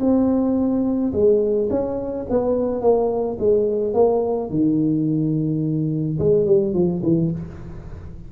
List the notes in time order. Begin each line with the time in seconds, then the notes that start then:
0.00 C4
1.12 G#3
1.70 C#4
2.29 B3
2.81 A#3
3.39 G#3
3.94 A#3
4.50 D#3
6.18 G#3
6.45 G3
6.73 F3
7.03 E3